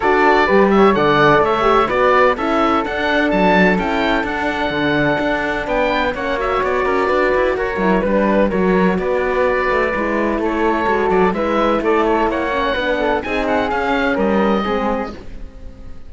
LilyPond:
<<
  \new Staff \with { instrumentName = "oboe" } { \time 4/4 \tempo 4 = 127 d''4. e''8 fis''4 e''4 | d''4 e''4 fis''4 a''4 | g''4 fis''2. | g''4 fis''8 e''8 d''2 |
cis''4 b'4 cis''4 d''4~ | d''2 cis''4. d''8 | e''4 d''8 cis''8 fis''2 | gis''8 fis''8 f''4 dis''2 | }
  \new Staff \with { instrumentName = "flute" } { \time 4/4 a'4 b'8 cis''8 d''4 cis''4 | b'4 a'2.~ | a'1 | b'4 cis''4. ais'8 b'4 |
ais'4 b'4 ais'4 b'4~ | b'2 a'2 | b'4 a'4 cis''4 b'8 a'8 | gis'2 ais'4 gis'4 | }
  \new Staff \with { instrumentName = "horn" } { \time 4/4 fis'4 g'4 a'4. g'8 | fis'4 e'4 d'2 | e'4 d'2.~ | d'4 cis'8 fis'2~ fis'8~ |
fis'8 e'8 d'4 fis'2~ | fis'4 e'2 fis'4 | e'2~ e'8 cis'8 d'4 | dis'4 cis'2 c'4 | }
  \new Staff \with { instrumentName = "cello" } { \time 4/4 d'4 g4 d4 a4 | b4 cis'4 d'4 fis4 | cis'4 d'4 d4 d'4 | b4 ais4 b8 cis'8 d'8 e'8 |
fis'8 fis8 g4 fis4 b4~ | b8 a8 gis4 a4 gis8 fis8 | gis4 a4 ais4 b4 | c'4 cis'4 g4 gis4 | }
>>